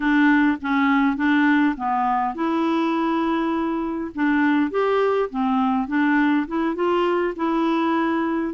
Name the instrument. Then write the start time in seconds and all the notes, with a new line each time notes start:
clarinet
0.00 D4
0.61 C#4
1.16 D4
1.76 B3
2.34 E4
4.14 D4
4.71 G4
5.30 C4
5.87 D4
6.47 E4
6.75 F4
7.36 E4